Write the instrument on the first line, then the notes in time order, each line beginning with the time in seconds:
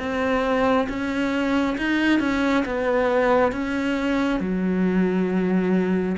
cello
0.00 C4
0.89 C#4
1.78 D#4
2.20 C#4
2.66 B3
3.53 C#4
4.40 F#3